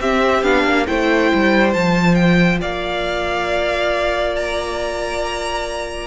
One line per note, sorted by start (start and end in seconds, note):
0.00 0.43 C4
0.00 0.44 C4
0.00 0.88 G4
0.00 0.43 E5
0.43 0.64 B3
0.43 0.87 D4
0.43 0.86 F5
0.64 0.86 A#3
0.87 1.32 A3
0.87 1.74 E4
0.87 2.61 C5
0.87 1.73 G5
1.34 1.75 G3
1.73 2.62 F3
1.73 6.07 F4
1.73 2.15 A5
2.15 2.58 G5
2.61 6.07 A#3
2.61 6.07 D5
2.61 4.36 F5
4.36 6.07 A#5